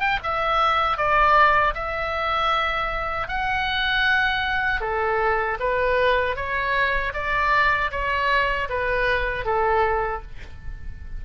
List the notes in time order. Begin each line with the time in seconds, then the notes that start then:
0.00 G5
0.23 E5
0.97 D5
1.74 E5
3.28 F#5
4.81 A4
5.59 B4
6.36 C#5
7.14 D5
7.91 C#5
8.69 B4
9.45 A4